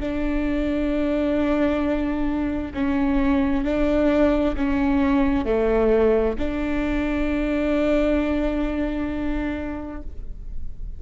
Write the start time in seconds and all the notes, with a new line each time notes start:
0.00 D4
2.74 C#4
3.64 D4
4.56 C#4
5.45 A3
6.38 D4